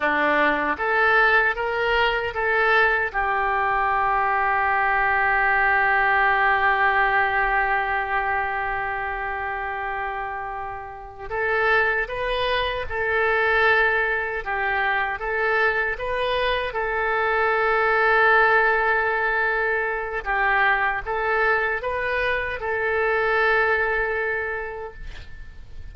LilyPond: \new Staff \with { instrumentName = "oboe" } { \time 4/4 \tempo 4 = 77 d'4 a'4 ais'4 a'4 | g'1~ | g'1~ | g'2~ g'8 a'4 b'8~ |
b'8 a'2 g'4 a'8~ | a'8 b'4 a'2~ a'8~ | a'2 g'4 a'4 | b'4 a'2. | }